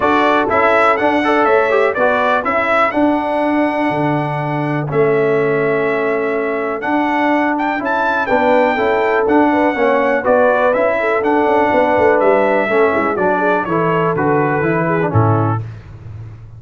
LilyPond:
<<
  \new Staff \with { instrumentName = "trumpet" } { \time 4/4 \tempo 4 = 123 d''4 e''4 fis''4 e''4 | d''4 e''4 fis''2~ | fis''2 e''2~ | e''2 fis''4. g''8 |
a''4 g''2 fis''4~ | fis''4 d''4 e''4 fis''4~ | fis''4 e''2 d''4 | cis''4 b'2 a'4 | }
  \new Staff \with { instrumentName = "horn" } { \time 4/4 a'2~ a'8 d''8 cis''4 | b'4 a'2.~ | a'1~ | a'1~ |
a'4 b'4 a'4. b'8 | cis''4 b'4. a'4. | b'2 a'8 e'8 fis'8 gis'8 | a'2~ a'8 gis'8 e'4 | }
  \new Staff \with { instrumentName = "trombone" } { \time 4/4 fis'4 e'4 d'8 a'4 g'8 | fis'4 e'4 d'2~ | d'2 cis'2~ | cis'2 d'2 |
e'4 d'4 e'4 d'4 | cis'4 fis'4 e'4 d'4~ | d'2 cis'4 d'4 | e'4 fis'4 e'8. d'16 cis'4 | }
  \new Staff \with { instrumentName = "tuba" } { \time 4/4 d'4 cis'4 d'4 a4 | b4 cis'4 d'2 | d2 a2~ | a2 d'2 |
cis'4 b4 cis'4 d'4 | ais4 b4 cis'4 d'8 cis'8 | b8 a8 g4 a8 gis8 fis4 | e4 d4 e4 a,4 | }
>>